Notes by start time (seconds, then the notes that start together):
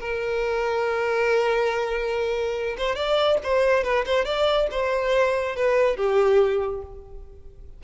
0.00 A#4
2.78 C5
2.95 D5
3.43 C5
3.83 B4
4.05 C5
4.25 D5
4.71 C5
5.56 B4
5.97 G4